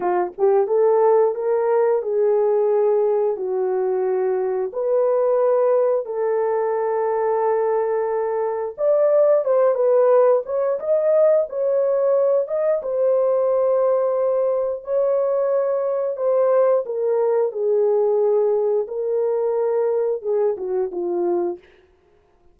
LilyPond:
\new Staff \with { instrumentName = "horn" } { \time 4/4 \tempo 4 = 89 f'8 g'8 a'4 ais'4 gis'4~ | gis'4 fis'2 b'4~ | b'4 a'2.~ | a'4 d''4 c''8 b'4 cis''8 |
dis''4 cis''4. dis''8 c''4~ | c''2 cis''2 | c''4 ais'4 gis'2 | ais'2 gis'8 fis'8 f'4 | }